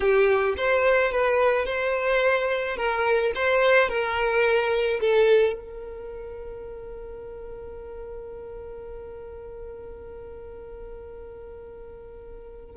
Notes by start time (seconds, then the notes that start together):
0.00 G4
0.57 C5
1.11 B4
1.65 C5
2.76 A#4
3.35 C5
3.89 A#4
5.00 A4
5.53 A#4